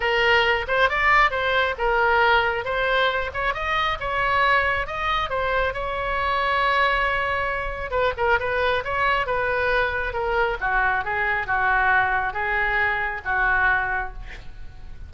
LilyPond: \new Staff \with { instrumentName = "oboe" } { \time 4/4 \tempo 4 = 136 ais'4. c''8 d''4 c''4 | ais'2 c''4. cis''8 | dis''4 cis''2 dis''4 | c''4 cis''2.~ |
cis''2 b'8 ais'8 b'4 | cis''4 b'2 ais'4 | fis'4 gis'4 fis'2 | gis'2 fis'2 | }